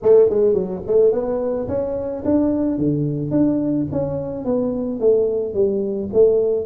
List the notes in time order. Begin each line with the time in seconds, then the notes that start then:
0.02 A3
0.29 G#3
0.53 F#3
0.86 A3
1.12 B3
1.68 C#4
2.24 D4
2.78 D3
3.30 D4
3.92 C#4
4.44 B3
5.00 A3
5.54 G3
6.13 A3